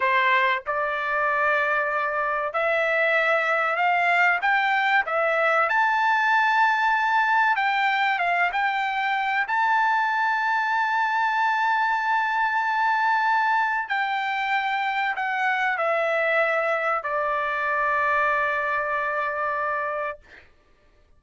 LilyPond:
\new Staff \with { instrumentName = "trumpet" } { \time 4/4 \tempo 4 = 95 c''4 d''2. | e''2 f''4 g''4 | e''4 a''2. | g''4 f''8 g''4. a''4~ |
a''1~ | a''2 g''2 | fis''4 e''2 d''4~ | d''1 | }